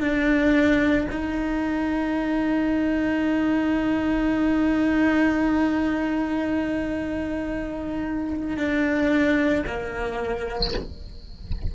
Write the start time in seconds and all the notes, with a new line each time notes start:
0.00 D4
1.12 D#4
8.57 D4
9.67 A#3